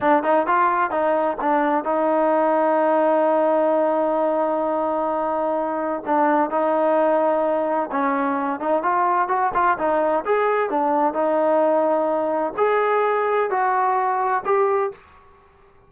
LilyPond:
\new Staff \with { instrumentName = "trombone" } { \time 4/4 \tempo 4 = 129 d'8 dis'8 f'4 dis'4 d'4 | dis'1~ | dis'1~ | dis'4 d'4 dis'2~ |
dis'4 cis'4. dis'8 f'4 | fis'8 f'8 dis'4 gis'4 d'4 | dis'2. gis'4~ | gis'4 fis'2 g'4 | }